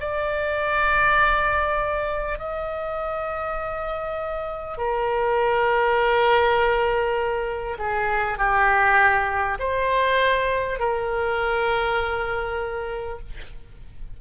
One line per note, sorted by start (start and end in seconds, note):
0.00 2.38 D5
2.38 4.78 D#5
4.78 7.78 A#4
7.78 8.38 G#4
8.38 9.58 G4
9.59 10.79 C5
10.79 13.19 A#4